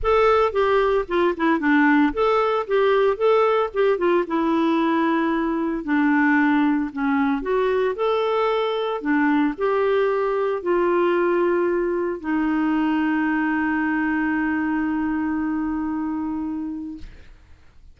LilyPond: \new Staff \with { instrumentName = "clarinet" } { \time 4/4 \tempo 4 = 113 a'4 g'4 f'8 e'8 d'4 | a'4 g'4 a'4 g'8 f'8 | e'2. d'4~ | d'4 cis'4 fis'4 a'4~ |
a'4 d'4 g'2 | f'2. dis'4~ | dis'1~ | dis'1 | }